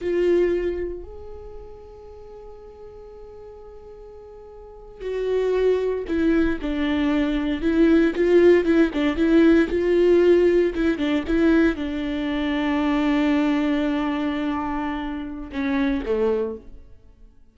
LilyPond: \new Staff \with { instrumentName = "viola" } { \time 4/4 \tempo 4 = 116 f'2 gis'2~ | gis'1~ | gis'4.~ gis'16 fis'2 e'16~ | e'8. d'2 e'4 f'16~ |
f'8. e'8 d'8 e'4 f'4~ f'16~ | f'8. e'8 d'8 e'4 d'4~ d'16~ | d'1~ | d'2 cis'4 a4 | }